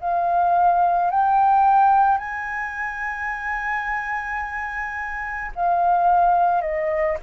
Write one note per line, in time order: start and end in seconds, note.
0.00 1.11 F5
1.11 2.18 G5
2.18 5.51 G#5
5.56 6.62 F5
6.62 7.17 D#5